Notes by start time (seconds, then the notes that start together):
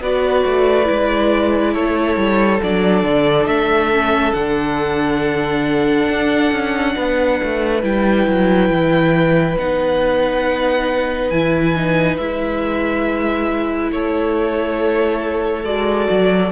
0.00 B3 F#4 B4 D5
0.45 A3
0.85 G#3 E4
1.73 A3 A4 C#5
2.16 G3
2.63 F#3 D4 D5
3.03 D3
3.46 A3 E5
3.93 C#4
4.33 D3 D4 F#5
6.09 D4
6.52 C#4
6.95 B3 B4
7.43 A3
7.82 G3 E4 G5
8.27 F#3
8.69 E3
9.58 B3 D#4 F#5
11.30 E3 E4 G#5
11.76 D#4
12.17 G#3 E4 E5
13.91 A3 A4 C#5
15.64 G#3 F#4 D5
16.10 F#3